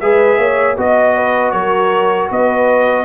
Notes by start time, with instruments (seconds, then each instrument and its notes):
0.00 tuba G#3, trombone G#4, horn B4, trumpet E5
0.38 tuba A#3, horn C#5
0.77 tuba B3, trombone F#4, horn D#5, trumpet D#5
1.16 horn B4
1.51 tuba F#3, horn A#4, trumpet C#5
2.31 tuba B3, horn B4, trumpet D#5